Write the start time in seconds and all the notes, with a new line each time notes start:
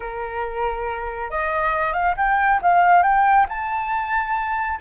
0.00 A#4
1.30 D#5
1.93 F5
2.16 G5
2.61 F5
3.02 G5
3.48 A5